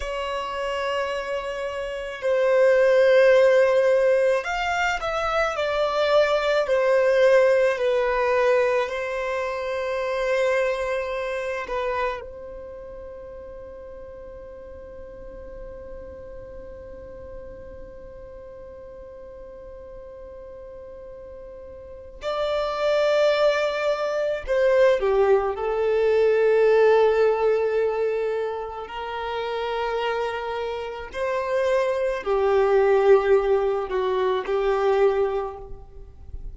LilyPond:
\new Staff \with { instrumentName = "violin" } { \time 4/4 \tempo 4 = 54 cis''2 c''2 | f''8 e''8 d''4 c''4 b'4 | c''2~ c''8 b'8 c''4~ | c''1~ |
c''1 | d''2 c''8 g'8 a'4~ | a'2 ais'2 | c''4 g'4. fis'8 g'4 | }